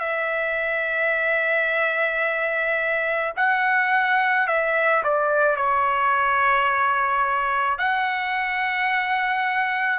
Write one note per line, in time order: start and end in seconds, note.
0.00 3.33 E5
3.37 4.47 F#5
4.47 5.03 E5
5.04 5.57 D5
5.57 7.79 C#5
7.79 9.99 F#5